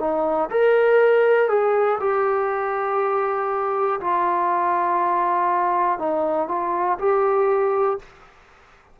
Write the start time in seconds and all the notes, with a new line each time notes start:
0.00 D#4
0.50 A#4
1.49 G#4
2.00 G4
4.01 F4
5.99 D#4
6.49 F4
6.99 G4